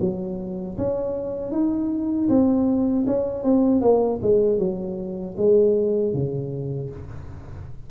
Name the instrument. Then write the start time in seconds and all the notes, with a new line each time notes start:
tuba
0.00 F#3
0.77 C#4
1.51 D#4
2.29 C4
3.07 C#4
3.43 C4
3.81 A#3
4.22 G#3
4.58 F#3
5.37 G#3
6.13 C#3